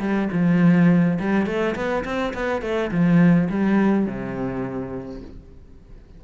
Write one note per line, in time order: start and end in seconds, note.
0.00 0.29 G3
0.32 1.19 F3
1.19 1.46 G3
1.46 1.75 A3
1.75 2.04 B3
2.05 2.33 C4
2.34 2.62 B3
2.62 2.91 A3
2.91 3.49 F3
3.49 4.06 G3
4.06 5.22 C3